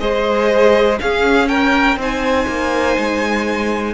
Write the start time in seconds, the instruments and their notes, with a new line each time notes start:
0.00 cello G#3, viola G#4, violin C5 D#5
1.00 viola C#4, cello C#4, violin G#4 F5
1.49 violin A#4 G5
1.97 cello C4, viola D#4, violin C5 G#5
2.48 cello A#3
2.98 cello G#3